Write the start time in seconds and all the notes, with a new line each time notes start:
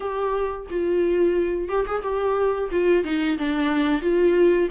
0.00 G4
0.70 F4
1.68 G4
1.86 G#4
2.02 G4
2.71 F4
3.04 D#4
3.37 D4
4.01 F4